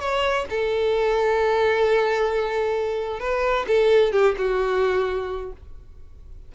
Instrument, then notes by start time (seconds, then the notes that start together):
violin
0.00 C#5
0.50 A4
3.20 B4
3.68 A4
4.13 G4
4.38 F#4